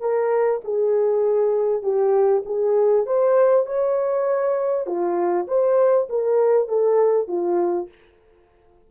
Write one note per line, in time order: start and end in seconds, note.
0.00 0.61 A#4
0.64 1.82 G#4
1.82 2.43 G4
2.45 3.06 G#4
3.06 3.66 C5
3.66 4.86 C#5
4.86 5.47 F4
5.47 6.07 C5
6.09 6.68 A#4
6.68 7.28 A4
7.28 7.88 F4